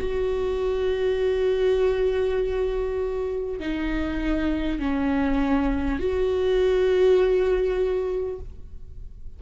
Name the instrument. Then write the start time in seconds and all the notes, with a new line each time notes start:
viola
0.00 F#4
3.60 D#4
4.79 C#4
5.99 F#4